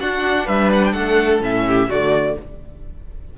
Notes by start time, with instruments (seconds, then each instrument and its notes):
0.00 viola D4, cello D4, violin F#4 F#5
0.45 cello G3, violin B4 E5
0.73 violin F#5
0.85 violin G5
0.93 cello A3, violin A4 F#5
1.40 cello A2, viola C#4, violin E5
1.67 violin G4
1.89 cello D3, viola A3, violin F#4 D5